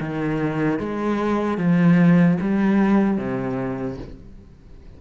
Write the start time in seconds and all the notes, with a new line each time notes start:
0.00 D#3
0.79 G#3
1.57 F3
2.41 G3
3.17 C3